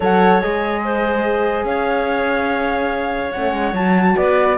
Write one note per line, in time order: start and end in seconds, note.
0.00 0.42 F#3
0.00 0.41 A4
0.00 0.82 C#5
0.00 0.41 F#5
0.41 1.64 G#3
0.41 3.33 G#4
0.41 1.66 D#5
0.84 1.67 C5
1.64 3.31 C#4
1.64 4.16 C#5
1.64 3.32 F5
3.32 3.53 A3
3.32 3.75 C#4
3.32 3.73 F#5
3.53 3.73 G#3
3.73 4.15 F#3
3.73 4.58 F#4
3.73 4.16 A5
4.16 4.58 B3
4.16 4.58 B4
4.16 4.58 D5